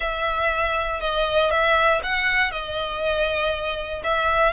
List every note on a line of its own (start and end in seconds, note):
0.00 1.00 E5
1.00 1.50 D#5
1.50 2.01 E5
2.03 2.51 F#5
2.51 4.02 D#5
4.03 4.52 E5